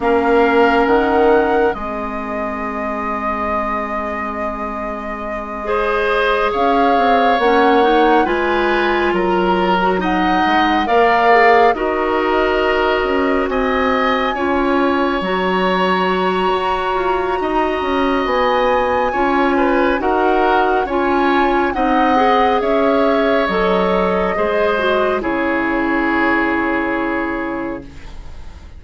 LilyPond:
<<
  \new Staff \with { instrumentName = "flute" } { \time 4/4 \tempo 4 = 69 f''4 fis''4 dis''2~ | dis''2.~ dis''8 f''8~ | f''8 fis''4 gis''4 ais''4 fis''8~ | fis''8 f''4 dis''2 gis''8~ |
gis''4. ais''2~ ais''8~ | ais''4 gis''2 fis''4 | gis''4 fis''4 e''4 dis''4~ | dis''4 cis''2. | }
  \new Staff \with { instrumentName = "oboe" } { \time 4/4 ais'2 gis'2~ | gis'2~ gis'8 c''4 cis''8~ | cis''4. b'4 ais'4 dis''8~ | dis''8 d''4 ais'2 dis''8~ |
dis''8 cis''2.~ cis''8 | dis''2 cis''8 b'8 ais'4 | cis''4 dis''4 cis''2 | c''4 gis'2. | }
  \new Staff \with { instrumentName = "clarinet" } { \time 4/4 cis'2 c'2~ | c'2~ c'8 gis'4.~ | gis'8 cis'8 dis'8 f'4.~ f'16 fis'16 dis'8~ | dis'8 ais'8 gis'8 fis'2~ fis'8~ |
fis'8 f'4 fis'2~ fis'8~ | fis'2 f'4 fis'4 | f'4 dis'8 gis'4. a'4 | gis'8 fis'8 e'2. | }
  \new Staff \with { instrumentName = "bassoon" } { \time 4/4 ais4 dis4 gis2~ | gis2.~ gis8 cis'8 | c'8 ais4 gis4 fis4. | gis8 ais4 dis'4. cis'8 c'8~ |
c'8 cis'4 fis4. fis'8 f'8 | dis'8 cis'8 b4 cis'4 dis'4 | cis'4 c'4 cis'4 fis4 | gis4 cis2. | }
>>